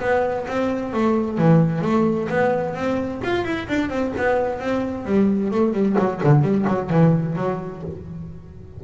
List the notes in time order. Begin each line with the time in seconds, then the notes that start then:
0.00 B3
0.47 C4
0.93 A3
1.38 E3
1.82 A3
2.28 B3
2.75 C4
3.23 F4
3.44 E4
3.68 D4
3.90 C4
4.17 B3
4.60 C4
5.05 G3
5.51 A3
5.73 G3
5.98 F#3
6.23 D3
6.42 G3
6.68 F#3
6.90 E3
7.36 F#3